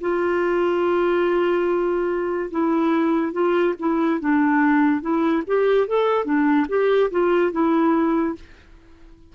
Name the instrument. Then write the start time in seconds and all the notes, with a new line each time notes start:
clarinet
0.00 F4
2.50 E4
3.32 F4
3.79 E4
4.20 D4
5.01 E4
5.47 G4
5.87 A4
6.24 D4
6.68 G4
7.11 F4
7.52 E4